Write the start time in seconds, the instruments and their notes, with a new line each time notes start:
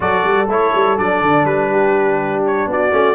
0.00 tuba F#3, trombone F#4, horn A4, trumpet D5
0.23 tuba G3
0.47 tuba A3, trombone E4, trumpet C#5
0.74 tuba G3
0.97 tuba F#3, trombone D4, trumpet D5
1.21 tuba D3
1.44 tuba G3, trumpet B4
1.71 horn G4
2.46 trumpet C#5
2.66 tuba B3, horn F#4, trumpet D5
2.91 tuba A3, trombone C#4